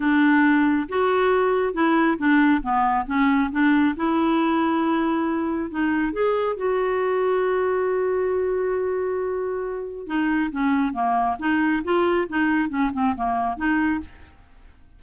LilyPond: \new Staff \with { instrumentName = "clarinet" } { \time 4/4 \tempo 4 = 137 d'2 fis'2 | e'4 d'4 b4 cis'4 | d'4 e'2.~ | e'4 dis'4 gis'4 fis'4~ |
fis'1~ | fis'2. dis'4 | cis'4 ais4 dis'4 f'4 | dis'4 cis'8 c'8 ais4 dis'4 | }